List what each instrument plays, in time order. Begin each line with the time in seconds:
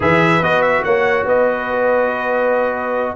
0.00 tuba E3, trombone G#4, horn B4, trumpet E5
0.40 tuba B3, trombone F#4, trumpet D#5
0.61 trumpet E5
0.83 tuba A#3, horn C#5, trumpet F#5
1.24 tuba B3, horn B4, trumpet D#5